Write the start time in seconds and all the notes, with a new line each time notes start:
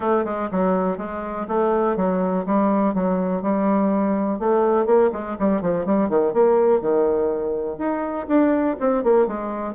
0.00 A3
0.24 G#3
0.51 F#3
0.97 G#3
1.48 A3
1.96 F#3
2.45 G3
2.94 F#3
3.41 G3
4.39 A3
4.86 A#3
5.12 G#3
5.39 G3
5.61 F3
5.85 G3
6.09 D#3
6.33 A#3
6.81 D#3
7.78 D#4
8.27 D4
8.80 C4
9.03 A#3
9.27 G#3